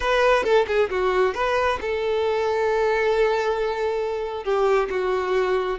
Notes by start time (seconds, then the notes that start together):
0.00 B4
0.43 A4
0.67 G#4
0.89 F#4
1.34 B4
1.81 A4
4.44 G4
4.90 F#4